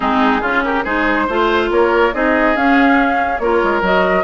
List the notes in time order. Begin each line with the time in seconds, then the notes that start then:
0.00 G#3 C4 D#4 G#4
0.41 C#3 C#4 F4
0.63 G4 A#4
0.84 G#3 D#4 G#4 C5
1.27 A3 F4 C5
1.70 A#3 A#4 C#5
2.13 C4 D#4 G#4 D#5
2.55 C#4 F5
3.38 A#3 F4 A#4 C#5
3.63 G#3
3.81 F#3 F#4 D#5